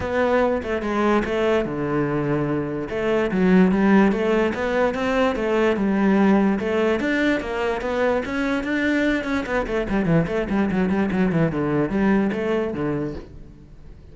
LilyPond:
\new Staff \with { instrumentName = "cello" } { \time 4/4 \tempo 4 = 146 b4. a8 gis4 a4 | d2. a4 | fis4 g4 a4 b4 | c'4 a4 g2 |
a4 d'4 ais4 b4 | cis'4 d'4. cis'8 b8 a8 | g8 e8 a8 g8 fis8 g8 fis8 e8 | d4 g4 a4 d4 | }